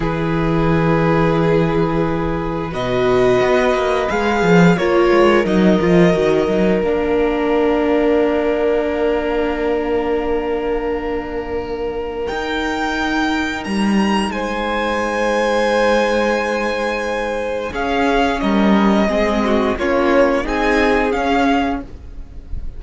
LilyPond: <<
  \new Staff \with { instrumentName = "violin" } { \time 4/4 \tempo 4 = 88 b'1 | dis''2 f''4 cis''4 | dis''2 f''2~ | f''1~ |
f''2 g''2 | ais''4 gis''2.~ | gis''2 f''4 dis''4~ | dis''4 cis''4 gis''4 f''4 | }
  \new Staff \with { instrumentName = "violin" } { \time 4/4 gis'1 | b'2. ais'4~ | ais'1~ | ais'1~ |
ais'1~ | ais'4 c''2.~ | c''2 gis'4 ais'4 | gis'8 fis'8 f'4 gis'2 | }
  \new Staff \with { instrumentName = "viola" } { \time 4/4 e'1 | fis'2 gis'4 f'4 | dis'8 f'8 fis'8 dis'8 d'2~ | d'1~ |
d'2 dis'2~ | dis'1~ | dis'2 cis'2 | c'4 cis'4 dis'4 cis'4 | }
  \new Staff \with { instrumentName = "cello" } { \time 4/4 e1 | b,4 b8 ais8 gis8 f8 ais8 gis8 | fis8 f8 dis8 fis8 ais2~ | ais1~ |
ais2 dis'2 | g4 gis2.~ | gis2 cis'4 g4 | gis4 ais4 c'4 cis'4 | }
>>